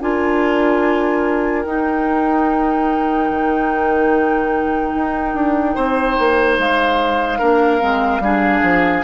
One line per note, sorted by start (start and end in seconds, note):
0.00 1.65 D4
0.00 1.65 F4
0.00 5.75 A#4
0.00 1.63 G#5
1.63 3.30 D#4
1.63 7.40 D#4
1.63 6.56 G5
3.31 4.94 D#3
4.94 5.34 D#4
5.34 5.75 D4
5.75 6.17 C4
5.75 7.39 C5
6.18 6.58 A#3
6.58 7.40 G#3
6.58 9.03 F5
7.39 7.82 A#3
7.39 7.80 D4
7.39 8.21 A#4
7.80 8.20 G#3
7.80 8.21 C4
8.20 8.61 G3
8.20 9.03 D4
8.20 9.03 G#4
8.62 9.03 F3